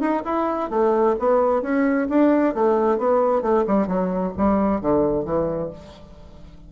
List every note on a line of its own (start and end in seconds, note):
0.00 0.23 D#4
0.25 0.70 E4
0.70 1.16 A3
1.19 1.62 B3
1.62 2.08 C#4
2.09 2.55 D4
2.55 2.98 A3
2.98 3.42 B3
3.42 3.65 A3
3.67 3.87 G3
3.87 4.33 F#3
4.37 4.81 G3
4.81 5.25 D3
5.25 5.70 E3